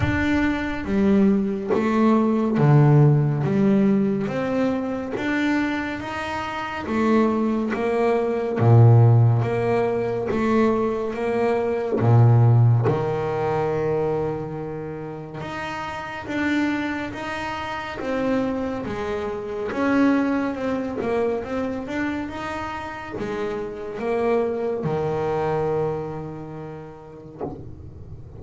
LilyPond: \new Staff \with { instrumentName = "double bass" } { \time 4/4 \tempo 4 = 70 d'4 g4 a4 d4 | g4 c'4 d'4 dis'4 | a4 ais4 ais,4 ais4 | a4 ais4 ais,4 dis4~ |
dis2 dis'4 d'4 | dis'4 c'4 gis4 cis'4 | c'8 ais8 c'8 d'8 dis'4 gis4 | ais4 dis2. | }